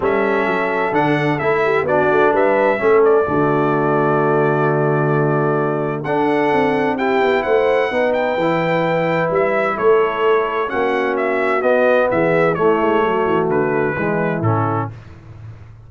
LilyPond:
<<
  \new Staff \with { instrumentName = "trumpet" } { \time 4/4 \tempo 4 = 129 e''2 fis''4 e''4 | d''4 e''4. d''4.~ | d''1~ | d''4 fis''2 g''4 |
fis''4. g''2~ g''8 | e''4 cis''2 fis''4 | e''4 dis''4 e''4 cis''4~ | cis''4 b'2 a'4 | }
  \new Staff \with { instrumentName = "horn" } { \time 4/4 a'2.~ a'8 g'8 | fis'4 b'4 a'4 fis'4~ | fis'1~ | fis'4 a'2 g'4 |
c''4 b'2.~ | b'4 a'2 fis'4~ | fis'2 gis'4 e'4 | fis'2 e'2 | }
  \new Staff \with { instrumentName = "trombone" } { \time 4/4 cis'2 d'4 e'4 | d'2 cis'4 a4~ | a1~ | a4 d'2 e'4~ |
e'4 dis'4 e'2~ | e'2. cis'4~ | cis'4 b2 a4~ | a2 gis4 cis'4 | }
  \new Staff \with { instrumentName = "tuba" } { \time 4/4 g4 fis4 d4 a4 | b8 a8 g4 a4 d4~ | d1~ | d4 d'4 c'4. b8 |
a4 b4 e2 | g4 a2 ais4~ | ais4 b4 e4 a8 gis8 | fis8 e8 d4 e4 a,4 | }
>>